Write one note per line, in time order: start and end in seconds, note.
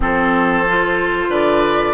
0.00 1.29 F3
0.00 0.65 C4
0.00 1.29 A4
0.00 1.33 C5
0.68 1.94 F4
1.29 1.94 D3
1.29 1.94 B4
1.29 1.94 D5